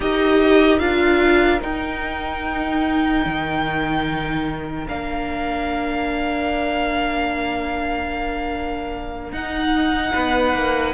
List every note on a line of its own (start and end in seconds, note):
0.00 0.79 D#4
0.00 0.79 G4
0.00 10.12 A#4
0.00 0.79 D#5
0.79 1.60 D4
0.79 1.60 F4
0.79 1.60 F5
1.61 4.85 D#4
1.61 3.25 D#4
1.61 4.87 G5
3.25 4.87 D#3
4.87 9.32 A#3
4.87 9.33 D4
4.87 9.32 F5
9.32 10.13 D#4
9.32 10.94 D#4
9.32 10.94 F#5
10.12 10.53 B3
10.12 10.93 B4
10.53 10.93 A#3